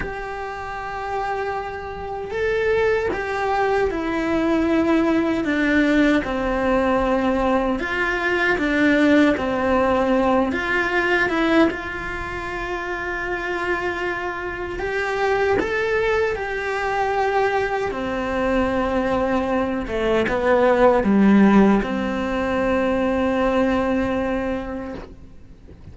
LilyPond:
\new Staff \with { instrumentName = "cello" } { \time 4/4 \tempo 4 = 77 g'2. a'4 | g'4 e'2 d'4 | c'2 f'4 d'4 | c'4. f'4 e'8 f'4~ |
f'2. g'4 | a'4 g'2 c'4~ | c'4. a8 b4 g4 | c'1 | }